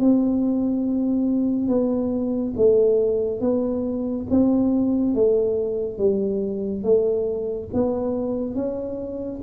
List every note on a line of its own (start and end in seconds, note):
0.00 1.69 C4
1.69 2.54 B3
2.57 3.41 A3
3.41 4.27 B3
4.31 5.15 C4
5.15 5.98 A3
5.98 6.84 G3
6.84 7.69 A3
7.74 8.55 B3
8.55 9.41 C#4